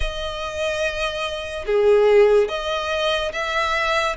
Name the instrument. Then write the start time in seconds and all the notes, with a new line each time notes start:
violin
0.00 D#5
1.66 G#4
2.48 D#5
3.32 E5